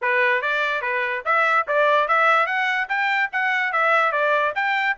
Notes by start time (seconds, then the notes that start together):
0.01 B4
0.41 D5
0.81 B4
1.25 E5
1.67 D5
2.07 E5
2.46 F#5
2.88 G5
3.32 F#5
3.72 E5
4.12 D5
4.55 G5